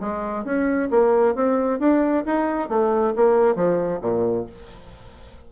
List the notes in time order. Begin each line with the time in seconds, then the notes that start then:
0.00 G#3
0.44 C#4
0.91 A#3
1.35 C4
1.79 D4
2.26 D#4
2.69 A3
3.16 A#3
3.55 F3
4.01 A#2